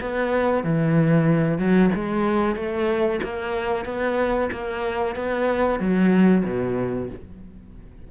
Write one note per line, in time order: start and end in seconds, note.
0.00 0.63 B3
0.63 1.58 E3
1.58 1.90 F#3
1.94 2.55 G#3
2.55 3.20 A3
3.23 3.85 A#3
3.85 4.50 B3
4.51 5.15 A#3
5.15 5.79 B3
5.79 6.44 F#3
6.45 7.09 B2